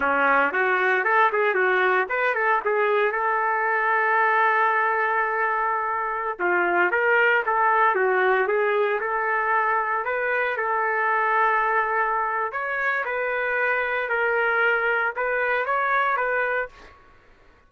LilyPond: \new Staff \with { instrumentName = "trumpet" } { \time 4/4 \tempo 4 = 115 cis'4 fis'4 a'8 gis'8 fis'4 | b'8 a'8 gis'4 a'2~ | a'1~ | a'16 f'4 ais'4 a'4 fis'8.~ |
fis'16 gis'4 a'2 b'8.~ | b'16 a'2.~ a'8. | cis''4 b'2 ais'4~ | ais'4 b'4 cis''4 b'4 | }